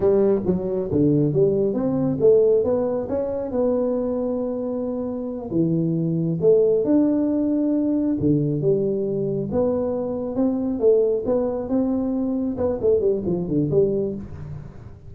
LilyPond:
\new Staff \with { instrumentName = "tuba" } { \time 4/4 \tempo 4 = 136 g4 fis4 d4 g4 | c'4 a4 b4 cis'4 | b1~ | b8 e2 a4 d'8~ |
d'2~ d'8 d4 g8~ | g4. b2 c'8~ | c'8 a4 b4 c'4.~ | c'8 b8 a8 g8 f8 d8 g4 | }